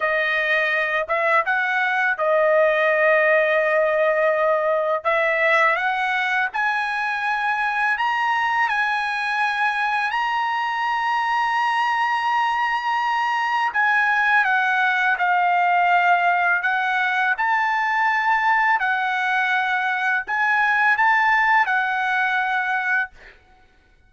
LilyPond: \new Staff \with { instrumentName = "trumpet" } { \time 4/4 \tempo 4 = 83 dis''4. e''8 fis''4 dis''4~ | dis''2. e''4 | fis''4 gis''2 ais''4 | gis''2 ais''2~ |
ais''2. gis''4 | fis''4 f''2 fis''4 | a''2 fis''2 | gis''4 a''4 fis''2 | }